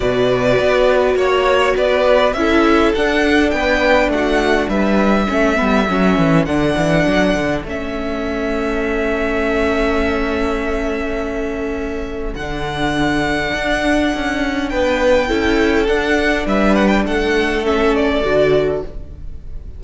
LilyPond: <<
  \new Staff \with { instrumentName = "violin" } { \time 4/4 \tempo 4 = 102 d''2 cis''4 d''4 | e''4 fis''4 g''4 fis''4 | e''2. fis''4~ | fis''4 e''2.~ |
e''1~ | e''4 fis''2.~ | fis''4 g''2 fis''4 | e''8 fis''16 g''16 fis''4 e''8 d''4. | }
  \new Staff \with { instrumentName = "violin" } { \time 4/4 b'2 cis''4 b'4 | a'2 b'4 fis'4 | b'4 a'2.~ | a'1~ |
a'1~ | a'1~ | a'4 b'4 a'2 | b'4 a'2. | }
  \new Staff \with { instrumentName = "viola" } { \time 4/4 fis'1 | e'4 d'2.~ | d'4 cis'8 b8 cis'4 d'4~ | d'4 cis'2.~ |
cis'1~ | cis'4 d'2.~ | d'2 e'4 d'4~ | d'2 cis'4 fis'4 | }
  \new Staff \with { instrumentName = "cello" } { \time 4/4 b,4 b4 ais4 b4 | cis'4 d'4 b4 a4 | g4 a8 g8 fis8 e8 d8 e8 | fis8 d8 a2.~ |
a1~ | a4 d2 d'4 | cis'4 b4 cis'4 d'4 | g4 a2 d4 | }
>>